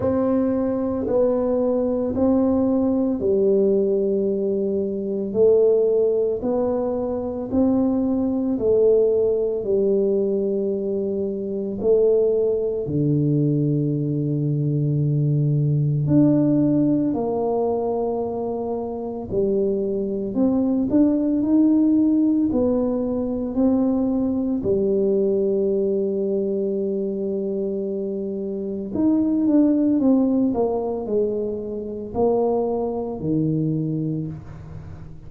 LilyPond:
\new Staff \with { instrumentName = "tuba" } { \time 4/4 \tempo 4 = 56 c'4 b4 c'4 g4~ | g4 a4 b4 c'4 | a4 g2 a4 | d2. d'4 |
ais2 g4 c'8 d'8 | dis'4 b4 c'4 g4~ | g2. dis'8 d'8 | c'8 ais8 gis4 ais4 dis4 | }